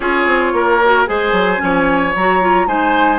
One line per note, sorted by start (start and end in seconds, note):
0.00 0.26 C#4
0.00 0.81 F4
0.00 0.52 G#4
0.00 1.05 C#5
0.26 0.52 C4
0.52 1.06 A#3
0.52 1.09 A#4
0.84 1.06 F#4
1.06 1.32 G#3
1.06 1.56 G#4
1.06 1.62 C5
1.06 2.13 G#5
1.32 1.58 F#3
1.56 2.15 F3
1.56 2.10 C#4
1.63 2.67 C#5
2.15 2.67 F#3
2.15 2.41 F#4
2.15 2.67 A#5
2.41 2.67 F4
2.67 3.19 G#3
2.67 3.19 D#4
2.67 3.19 C5
2.67 3.19 G#5